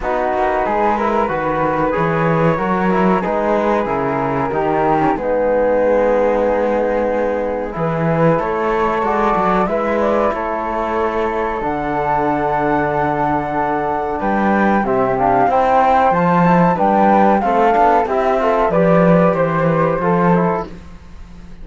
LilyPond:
<<
  \new Staff \with { instrumentName = "flute" } { \time 4/4 \tempo 4 = 93 b'2. cis''4~ | cis''4 b'4 ais'2 | gis'1 | b'4 cis''4 d''4 e''8 d''8 |
cis''2 fis''2~ | fis''2 g''4 e''8 f''8 | g''4 a''4 g''4 f''4 | e''4 d''4 c''2 | }
  \new Staff \with { instrumentName = "flute" } { \time 4/4 fis'4 gis'8 ais'8 b'2 | ais'4 gis'2 g'4 | dis'1 | gis'4 a'2 b'4 |
a'1~ | a'2 b'4 g'4 | c''2 b'4 a'4 | g'8 a'8 b'4 c''8 b'8 a'4 | }
  \new Staff \with { instrumentName = "trombone" } { \time 4/4 dis'4. e'8 fis'4 gis'4 | fis'8 e'8 dis'4 e'4 dis'8. cis'16 | b1 | e'2 fis'4 e'4~ |
e'2 d'2~ | d'2. c'8 d'8 | e'4 f'8 e'8 d'4 c'8 d'8 | e'8 f'8 g'2 f'8 e'8 | }
  \new Staff \with { instrumentName = "cello" } { \time 4/4 b8 ais8 gis4 dis4 e4 | fis4 gis4 cis4 dis4 | gis1 | e4 a4 gis8 fis8 gis4 |
a2 d2~ | d2 g4 c4 | c'4 f4 g4 a8 b8 | c'4 f4 e4 f4 | }
>>